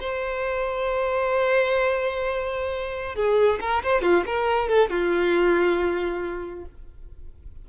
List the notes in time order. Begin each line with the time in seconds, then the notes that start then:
0.00 C5
3.15 G#4
3.60 A#4
3.83 C5
4.02 F4
4.26 A#4
4.68 A4
4.90 F4